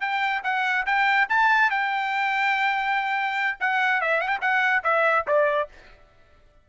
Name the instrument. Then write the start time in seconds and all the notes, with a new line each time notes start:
trumpet
0.00 G5
0.43 F#5
0.86 G5
1.29 A5
1.70 G5
3.59 F#5
4.01 E5
4.20 F#5
4.28 G5
4.41 F#5
4.83 E5
5.27 D5